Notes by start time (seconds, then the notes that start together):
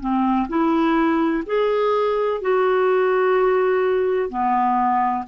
0.00 C4
0.48 E4
1.46 G#4
2.41 F#4
4.29 B3